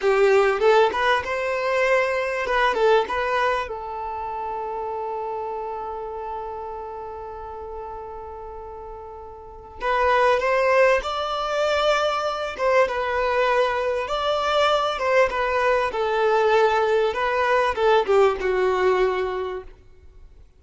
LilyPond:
\new Staff \with { instrumentName = "violin" } { \time 4/4 \tempo 4 = 98 g'4 a'8 b'8 c''2 | b'8 a'8 b'4 a'2~ | a'1~ | a'1 |
b'4 c''4 d''2~ | d''8 c''8 b'2 d''4~ | d''8 c''8 b'4 a'2 | b'4 a'8 g'8 fis'2 | }